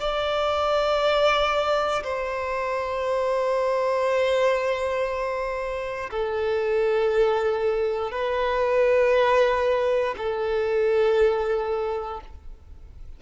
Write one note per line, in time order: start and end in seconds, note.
0.00 2.03 D5
2.03 6.10 C5
6.11 8.12 A4
8.12 10.15 B4
10.17 12.21 A4